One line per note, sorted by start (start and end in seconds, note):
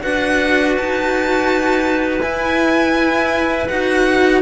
0.00 0.79 D4
0.00 2.20 F#4
0.00 4.41 B4
0.00 0.76 F#5
0.77 2.21 D#4
0.77 2.22 A5
2.21 3.67 E4
2.21 3.69 E4
2.21 3.68 G#5
3.68 4.41 D#4
3.68 4.41 F#4
3.68 4.41 F#5